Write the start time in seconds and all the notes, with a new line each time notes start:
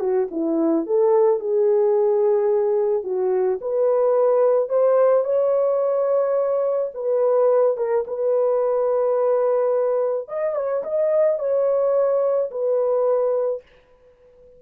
0.00 F#4
0.31 E4
0.86 A4
1.40 G#4
3.04 F#4
3.61 B4
4.69 C5
5.24 C#5
6.94 B4
7.77 A#4
8.07 B4
10.28 D#5
10.56 C#5
10.84 D#5
11.39 C#5
12.51 B4